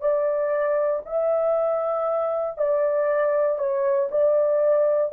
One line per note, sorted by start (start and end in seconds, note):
0.00 1.02 D5
1.05 2.57 E5
2.57 3.58 D5
3.58 4.09 C#5
4.11 5.12 D5